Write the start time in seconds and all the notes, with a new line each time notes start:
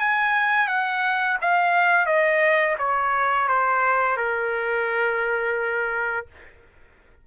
0.00 G#5
0.68 F#5
1.41 F5
2.06 D#5
2.79 C#5
3.49 C5
4.17 A#4